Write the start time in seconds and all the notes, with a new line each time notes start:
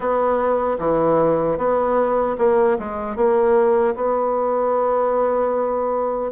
0.00 B3
0.79 E3
1.57 B3
2.38 A#3
2.78 G#3
3.15 A#3
3.95 B3